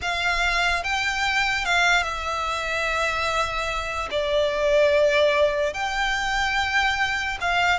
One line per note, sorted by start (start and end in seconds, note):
0.01 0.83 F5
0.83 1.65 G5
1.65 2.03 F5
2.03 4.08 E5
4.11 5.73 D5
5.73 7.37 G5
7.40 7.79 F5